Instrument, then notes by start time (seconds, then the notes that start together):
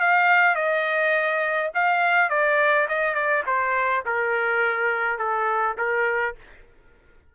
trumpet
0.00 F5
0.55 D#5
1.75 F5
2.30 D5
2.88 D#5
3.14 D5
3.46 C5
4.05 A#4
5.19 A4
5.78 A#4